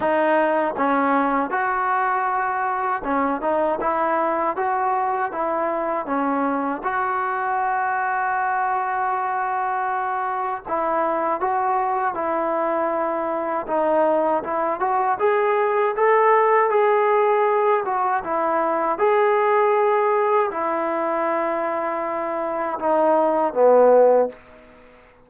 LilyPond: \new Staff \with { instrumentName = "trombone" } { \time 4/4 \tempo 4 = 79 dis'4 cis'4 fis'2 | cis'8 dis'8 e'4 fis'4 e'4 | cis'4 fis'2.~ | fis'2 e'4 fis'4 |
e'2 dis'4 e'8 fis'8 | gis'4 a'4 gis'4. fis'8 | e'4 gis'2 e'4~ | e'2 dis'4 b4 | }